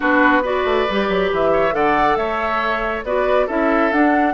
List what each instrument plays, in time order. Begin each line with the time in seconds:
0.00 bassoon B3, clarinet D4, oboe F#4, flute B4
0.42 clarinet F#4, oboe B4, flute D5
0.64 bassoon A3
0.89 bassoon G3, clarinet G4
1.08 bassoon F#3
1.31 bassoon E3, flute E5
1.52 oboe C#5
1.71 bassoon D3, clarinet A4, oboe D5, flute F#5
2.16 bassoon A3, oboe C#5, flute E5
3.04 bassoon B3, clarinet F#4, oboe B4, flute D5
3.46 bassoon C#4, clarinet E4, oboe A4, flute E5
3.92 bassoon D4, clarinet D4, flute F#5